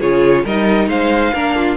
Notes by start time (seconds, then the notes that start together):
0.00 C#3 F4 G#4 C#5
0.44 G3 D#4 A#4 D#5
0.88 G#3 C5 F5
1.33 A#3 D4 A#4
1.56 F4